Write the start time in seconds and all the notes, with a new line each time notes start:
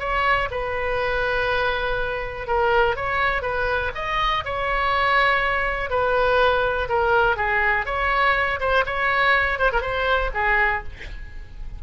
0.00 C#5
0.51 B4
2.48 A#4
2.96 C#5
3.42 B4
3.95 D#5
4.45 C#5
5.90 B4
6.89 A#4
7.37 G#4
7.86 C#5
8.60 C5
8.86 C#5
9.59 C5
9.73 A#4
9.82 C5
10.35 G#4